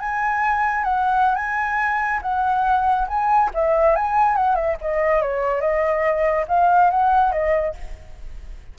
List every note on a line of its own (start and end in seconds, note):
0.00 0.84 G#5
0.84 1.36 F#5
1.36 2.21 G#5
2.22 3.08 F#5
3.08 3.51 G#5
3.54 3.96 E5
3.96 4.36 G#5
4.36 4.56 F#5
4.56 4.77 E5
4.82 5.22 D#5
5.22 5.61 C#5
5.61 6.46 D#5
6.48 6.91 F5
6.91 7.32 F#5
7.32 7.75 D#5